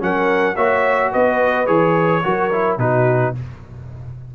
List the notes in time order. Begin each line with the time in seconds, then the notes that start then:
0.00 F#3 C#4 A#4 F#5
0.55 A#3 F#4 C#5 E5
1.12 B3 B4 D#5
1.67 E3 G#4 C#5
2.24 F#3 F#4 A#4
2.52 E4
2.78 B2 D#4 F#4 B4